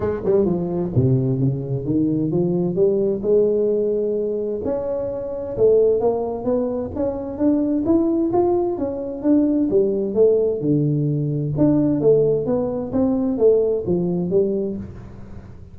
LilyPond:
\new Staff \with { instrumentName = "tuba" } { \time 4/4 \tempo 4 = 130 gis8 g8 f4 c4 cis4 | dis4 f4 g4 gis4~ | gis2 cis'2 | a4 ais4 b4 cis'4 |
d'4 e'4 f'4 cis'4 | d'4 g4 a4 d4~ | d4 d'4 a4 b4 | c'4 a4 f4 g4 | }